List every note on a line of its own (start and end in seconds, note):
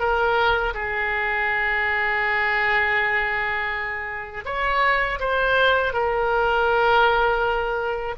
0.00 0.74 A#4
0.74 4.45 G#4
4.46 5.20 C#5
5.20 5.94 C5
5.94 8.16 A#4